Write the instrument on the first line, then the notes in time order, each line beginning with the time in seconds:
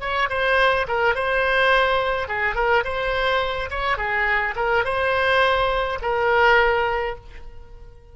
oboe
0.00 C#5
0.29 C5
0.88 A#4
1.15 C5
2.28 G#4
2.55 A#4
2.84 C5
3.70 C#5
3.97 G#4
4.56 A#4
4.84 C5
6.02 A#4